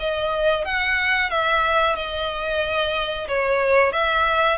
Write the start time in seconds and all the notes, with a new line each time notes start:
0.00 D#5
0.65 F#5
1.30 E5
1.96 D#5
3.28 C#5
3.93 E5